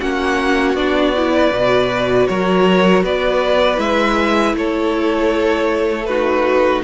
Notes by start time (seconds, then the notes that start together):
0.00 A#3 C#4 F#4 F#5
0.74 B3 D4 D5
1.16 E4
1.33 B4
1.51 B2 F#4
2.27 F#3 A#4 C#5
3.03 B3 B4 D5
3.75 G#3 E4 E5
4.54 A3 A4 C#5
6.06 D#4 F#4 B4